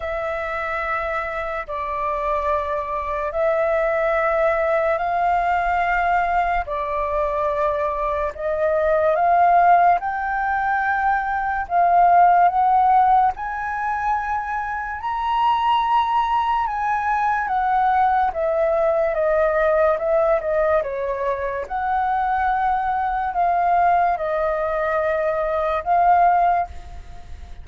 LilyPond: \new Staff \with { instrumentName = "flute" } { \time 4/4 \tempo 4 = 72 e''2 d''2 | e''2 f''2 | d''2 dis''4 f''4 | g''2 f''4 fis''4 |
gis''2 ais''2 | gis''4 fis''4 e''4 dis''4 | e''8 dis''8 cis''4 fis''2 | f''4 dis''2 f''4 | }